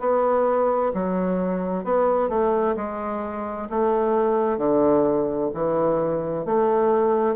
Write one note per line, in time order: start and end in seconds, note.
0.00 0.92 B3
0.94 1.85 F#3
1.85 2.29 B3
2.29 2.75 A3
2.77 3.69 G#3
3.70 4.58 A3
4.58 5.50 D3
5.54 6.46 E3
6.46 7.36 A3